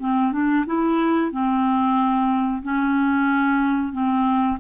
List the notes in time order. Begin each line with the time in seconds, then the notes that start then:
0.00 C4
0.32 D4
0.66 E4
1.32 C4
2.62 C#4
3.92 C4